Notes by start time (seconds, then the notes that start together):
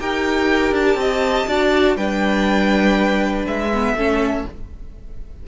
0.00 D#4 G4 A#4 G5
0.72 D4 A5
0.95 C4 D#5
1.47 D4 F#4 D5
1.96 G3 D4 B4 G5
3.46 G#3 E5
3.74 B3
3.95 A3 C#4 A4